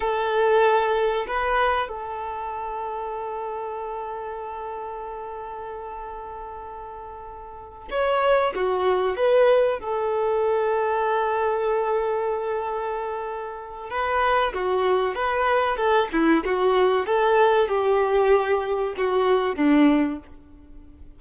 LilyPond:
\new Staff \with { instrumentName = "violin" } { \time 4/4 \tempo 4 = 95 a'2 b'4 a'4~ | a'1~ | a'1~ | a'8 cis''4 fis'4 b'4 a'8~ |
a'1~ | a'2 b'4 fis'4 | b'4 a'8 e'8 fis'4 a'4 | g'2 fis'4 d'4 | }